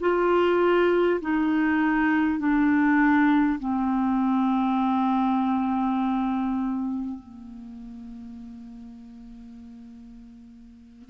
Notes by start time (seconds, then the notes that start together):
0.00 F4
1.21 D#4
2.39 D4
3.59 C4
7.19 A#3